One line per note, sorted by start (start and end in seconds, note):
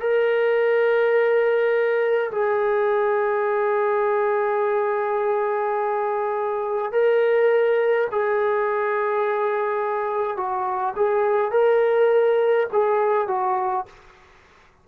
0.00 2.31 A#4
2.31 6.92 G#4
6.92 8.08 A#4
8.11 10.36 G#4
10.36 10.94 F#4
10.96 11.51 G#4
11.51 12.67 A#4
12.72 13.27 G#4
13.27 13.85 F#4